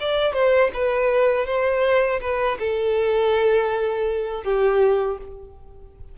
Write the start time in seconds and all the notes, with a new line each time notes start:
0.00 D5
0.33 C5
0.73 B4
1.46 C5
2.21 B4
2.59 A4
4.44 G4